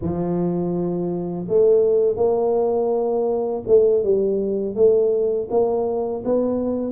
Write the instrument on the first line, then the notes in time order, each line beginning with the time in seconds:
tuba
0.01 F3
1.48 A3
2.16 A#3
3.67 A3
4.03 G3
4.75 A3
5.50 A#3
6.24 B3